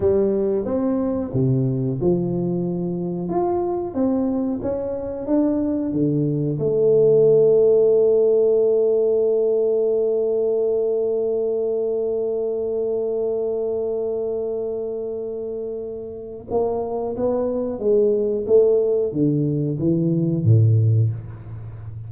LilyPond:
\new Staff \with { instrumentName = "tuba" } { \time 4/4 \tempo 4 = 91 g4 c'4 c4 f4~ | f4 f'4 c'4 cis'4 | d'4 d4 a2~ | a1~ |
a1~ | a1~ | a4 ais4 b4 gis4 | a4 d4 e4 a,4 | }